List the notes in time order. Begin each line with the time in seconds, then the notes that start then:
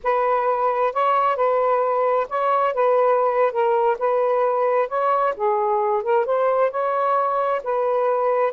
0.03 B4
0.93 C#5
1.36 B4
2.29 C#5
2.74 B4
3.51 A#4
3.98 B4
4.88 C#5
5.36 G#4
6.02 A#4
6.25 C5
6.70 C#5
7.63 B4